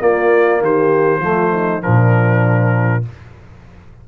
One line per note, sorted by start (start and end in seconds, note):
0.00 1.21 A#3
0.00 0.61 A#3
0.00 0.61 F4
0.00 0.62 D5
0.61 1.19 D#3
0.61 1.20 G4
0.61 1.83 C5
1.19 1.80 F3
1.19 1.82 A3
1.19 1.51 F4
1.53 1.83 D#4
1.82 3.08 A#2
1.82 3.03 F3
1.82 3.05 D4
1.82 3.04 A#4